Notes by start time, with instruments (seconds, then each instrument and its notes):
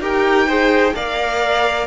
0.00 cello D#4, viola G4, violin A#4 G5
0.47 viola G#4, violin C5
0.95 cello A#3, viola A#4, violin D5 F5